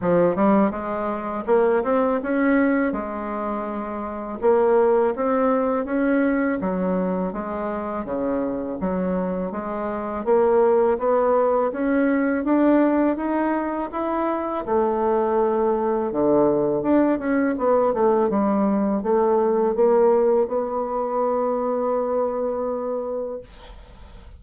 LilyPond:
\new Staff \with { instrumentName = "bassoon" } { \time 4/4 \tempo 4 = 82 f8 g8 gis4 ais8 c'8 cis'4 | gis2 ais4 c'4 | cis'4 fis4 gis4 cis4 | fis4 gis4 ais4 b4 |
cis'4 d'4 dis'4 e'4 | a2 d4 d'8 cis'8 | b8 a8 g4 a4 ais4 | b1 | }